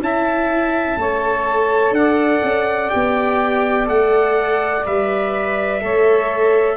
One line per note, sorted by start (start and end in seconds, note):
0.00 0.97 C#4
0.00 0.99 E4
0.00 1.00 E5
0.00 1.95 A5
0.98 1.92 A3
0.98 2.90 A4
0.98 1.96 C#5
1.92 2.40 D4
1.92 5.83 D5
1.92 2.90 F#5
2.44 2.92 C#4
2.90 3.89 B3
2.90 3.87 G4
2.90 3.87 G5
3.87 4.86 A3
3.87 4.83 A4
3.87 4.86 F#5
4.86 5.83 G3
4.86 5.81 B4
4.86 6.77 E5
5.81 6.77 A3
5.81 6.77 A4
5.81 6.77 C#5